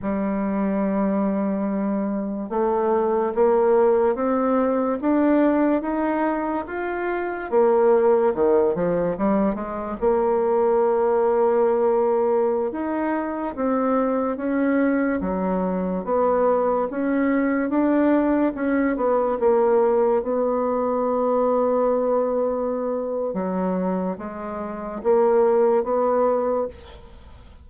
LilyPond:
\new Staff \with { instrumentName = "bassoon" } { \time 4/4 \tempo 4 = 72 g2. a4 | ais4 c'4 d'4 dis'4 | f'4 ais4 dis8 f8 g8 gis8 | ais2.~ ais16 dis'8.~ |
dis'16 c'4 cis'4 fis4 b8.~ | b16 cis'4 d'4 cis'8 b8 ais8.~ | ais16 b2.~ b8. | fis4 gis4 ais4 b4 | }